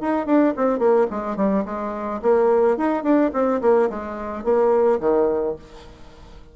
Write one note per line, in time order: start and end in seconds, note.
0.00 0.26 D#4
0.26 0.53 D4
0.56 0.78 C4
0.78 1.06 A#3
1.10 1.36 G#3
1.36 1.64 G3
1.65 2.20 G#3
2.22 2.77 A#3
2.77 3.03 D#4
3.03 3.31 D4
3.33 3.61 C4
3.61 3.89 A#3
3.89 4.43 G#3
4.43 4.99 A#3
5.00 5.55 D#3